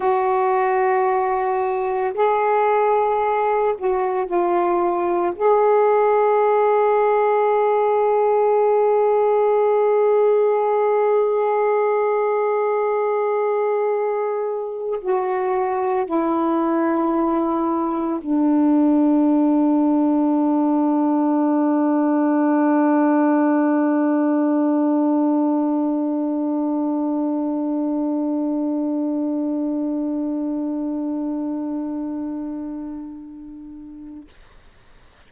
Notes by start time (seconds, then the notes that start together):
0.00 F#4
2.14 G#4
3.77 F#4
4.26 F4
5.35 G#4
15.00 F#4
16.05 E4
18.21 D4